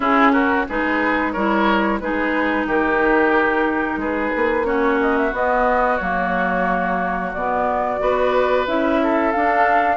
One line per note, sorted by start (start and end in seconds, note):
0.00 0.66 C#4
0.00 0.67 C#4
0.00 0.32 E4
0.00 0.32 G#4
0.32 0.65 F#4
0.32 0.65 A#4
0.68 1.35 G#3
0.68 1.36 D#4
0.68 1.32 G#4
0.68 1.32 B4
1.32 2.00 G3
1.32 2.01 E4
1.32 1.99 A#4
1.32 1.98 C#5
2.00 2.66 G#3
2.00 4.64 D#4
2.00 2.67 G#4
2.00 2.66 B4
2.66 3.96 D#3
2.66 4.00 G4
2.66 4.00 A#4
3.96 4.29 G#3
3.96 4.66 G#4
3.96 4.65 B4
4.36 5.32 A#3
4.64 5.31 C#4
4.64 8.00 F#4
4.64 4.98 C#5
5.01 5.17 D#5
5.17 5.33 E5
5.32 5.99 B3
5.32 5.97 D#5
5.97 7.33 F#3
5.97 7.34 A#3
5.97 7.31 C#5
7.33 8.00 B2
7.33 7.99 B3
7.33 8.66 D5
7.99 8.66 B3
7.99 8.65 F#4
7.99 9.02 B4
8.66 9.33 C#4
8.66 9.33 E4
8.66 9.31 E5
9.03 9.96 A4
9.31 9.96 D4
9.31 9.96 F5